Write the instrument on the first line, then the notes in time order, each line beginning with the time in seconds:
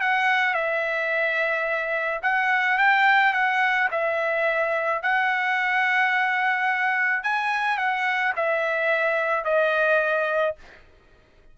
trumpet
0.00 F#5
0.54 E5
2.22 F#5
2.78 G5
3.33 F#5
3.91 E5
5.02 F#5
7.23 G#5
7.77 F#5
8.36 E5
9.44 D#5